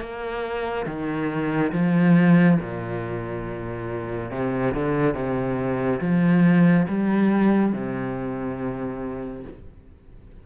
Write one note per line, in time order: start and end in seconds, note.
0.00 0.86 A#3
0.86 1.72 D#3
1.72 2.58 F3
2.60 4.31 A#2
4.31 4.74 C3
4.74 5.14 D3
5.14 6.00 C3
6.01 6.86 F3
6.88 7.72 G3
7.72 9.44 C3